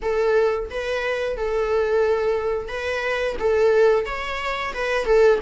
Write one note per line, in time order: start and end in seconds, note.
0.02 0.69 A4
0.70 1.37 B4
1.37 2.68 A4
2.68 3.36 B4
3.39 4.05 A4
4.05 4.73 C#5
4.73 5.05 B4
5.05 5.39 A4